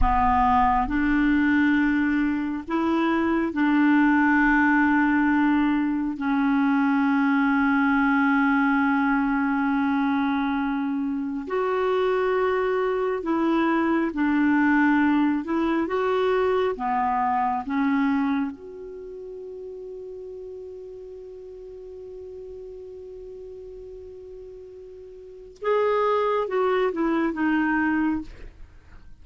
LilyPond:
\new Staff \with { instrumentName = "clarinet" } { \time 4/4 \tempo 4 = 68 b4 d'2 e'4 | d'2. cis'4~ | cis'1~ | cis'4 fis'2 e'4 |
d'4. e'8 fis'4 b4 | cis'4 fis'2.~ | fis'1~ | fis'4 gis'4 fis'8 e'8 dis'4 | }